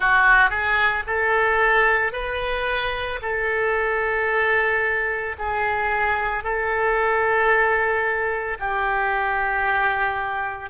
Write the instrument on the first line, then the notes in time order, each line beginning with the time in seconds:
oboe
0.00 F#4
0.50 G#4
1.07 A4
2.12 B4
3.21 A4
5.38 G#4
6.43 A4
8.59 G4